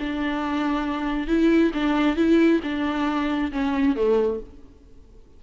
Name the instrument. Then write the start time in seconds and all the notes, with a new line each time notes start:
viola
0.00 D4
1.28 E4
1.74 D4
2.16 E4
2.63 D4
3.52 C#4
3.96 A3